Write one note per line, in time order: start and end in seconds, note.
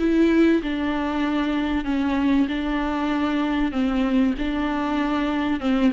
0.00 0.62 E4
0.63 1.85 D4
1.85 2.48 C#4
2.49 3.72 D4
3.72 4.35 C4
4.39 5.61 D4
5.61 5.92 C4